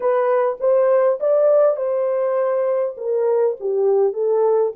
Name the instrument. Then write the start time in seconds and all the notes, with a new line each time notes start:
horn
0.00 B4
0.59 C5
1.20 D5
1.76 C5
2.97 A#4
3.59 G4
4.13 A4